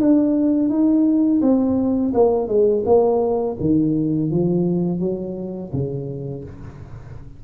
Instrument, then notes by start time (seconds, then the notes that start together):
tuba
0.00 D4
0.69 D#4
1.41 C4
2.14 A#3
2.48 G#3
2.85 A#3
3.60 D#3
4.31 F3
4.99 F#3
5.72 C#3